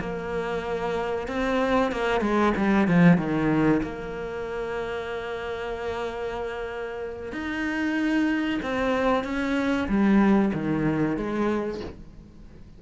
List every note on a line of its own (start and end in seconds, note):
0.00 1.28 A#3
1.28 1.91 C4
1.91 2.21 A#3
2.21 2.53 G#3
2.57 2.88 G3
2.88 3.18 F3
3.18 3.82 D#3
3.83 7.32 A#3
7.32 8.60 D#4
8.62 9.24 C4
9.24 9.88 C#4
9.88 10.52 G3
10.53 11.17 D#3
11.17 11.81 G#3